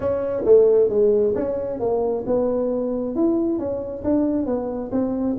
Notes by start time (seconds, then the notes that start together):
0.00 C#4
0.44 A3
0.89 G#3
1.35 C#4
1.79 A#3
2.26 B3
3.15 E4
3.58 C#4
4.04 D4
4.46 B3
4.91 C4